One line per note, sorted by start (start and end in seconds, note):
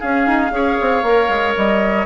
0.00 0.27 C#4
0.00 0.51 C#4
0.00 0.51 G#4
0.00 1.54 F5
0.27 0.51 D#4
0.51 0.77 C#4
0.51 1.03 G#4
0.51 2.06 C#5
0.81 1.03 C4
1.03 1.28 A#3
1.03 2.06 A#4
1.29 1.54 G#3
1.57 2.06 G3
1.57 2.06 D#5